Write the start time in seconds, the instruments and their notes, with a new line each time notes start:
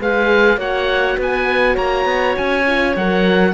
0.00 cello G#3, horn G#4, clarinet B4, oboe F5
0.58 cello A#3, horn F#4, clarinet C#5, oboe F#5
1.18 cello B3, clarinet B4, oboe G#5
1.75 cello A#3, clarinet C#5, oboe A#5
2.05 cello B3
2.38 cello C#4, oboe G#5
2.67 horn F4
2.97 cello F#3, horn A#4, oboe F#5